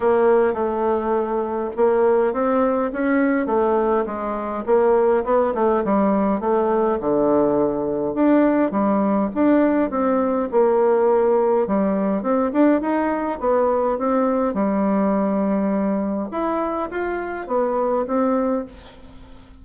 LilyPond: \new Staff \with { instrumentName = "bassoon" } { \time 4/4 \tempo 4 = 103 ais4 a2 ais4 | c'4 cis'4 a4 gis4 | ais4 b8 a8 g4 a4 | d2 d'4 g4 |
d'4 c'4 ais2 | g4 c'8 d'8 dis'4 b4 | c'4 g2. | e'4 f'4 b4 c'4 | }